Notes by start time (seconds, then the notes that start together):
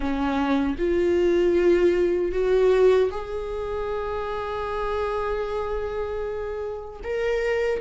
0.00 C#4
0.78 F4
2.32 F#4
3.11 G#4
7.03 A#4